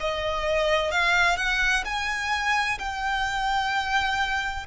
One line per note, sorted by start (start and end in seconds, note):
0.00 0.92 D#5
0.92 1.37 F5
1.37 1.84 F#5
1.85 2.79 G#5
2.79 4.67 G5